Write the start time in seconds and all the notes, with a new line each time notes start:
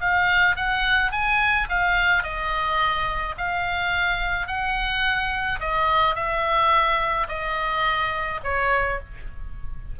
0.00 F5
0.56 F#5
1.11 G#5
1.69 F5
2.23 D#5
3.37 F5
4.47 F#5
5.59 D#5
6.15 E5
7.28 D#5
8.43 C#5